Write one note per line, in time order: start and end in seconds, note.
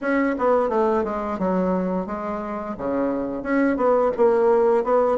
0.01 0.35 C#4
0.38 0.69 B3
0.69 1.03 A3
1.04 1.38 G#3
1.38 2.06 F#3
2.06 2.75 G#3
2.77 3.43 C#3
3.43 3.76 C#4
3.76 4.11 B3
4.17 4.83 A#3
4.83 5.18 B3